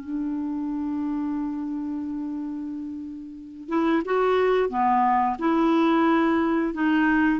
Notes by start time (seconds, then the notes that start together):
0.00 D4
3.69 E4
4.05 F#4
4.69 B3
5.39 E4
6.74 D#4